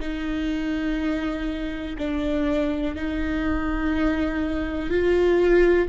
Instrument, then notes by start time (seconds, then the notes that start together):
viola
0.00 D#4
1.98 D4
2.96 D#4
4.90 F4